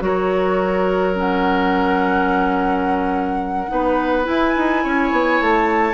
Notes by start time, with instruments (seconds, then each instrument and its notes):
0.00 bassoon F#3, clarinet F#4, oboe A#4, flute C#5
1.15 clarinet C#4, flute F#5
3.68 bassoon B3, clarinet D#4, oboe B4
4.23 clarinet E4, bassoon E4, flute G#5
4.56 bassoon D#4
4.83 bassoon C#4, oboe C#5
5.12 bassoon B3
5.41 bassoon A3, flute A5